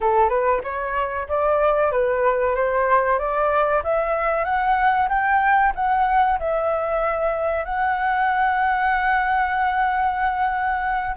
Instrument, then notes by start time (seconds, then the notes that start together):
flute
0.00 A4
0.29 B4
0.63 C#5
1.28 D5
1.91 B4
2.55 C5
3.18 D5
3.83 E5
4.44 F#5
5.08 G5
5.74 F#5
6.39 E5
7.65 F#5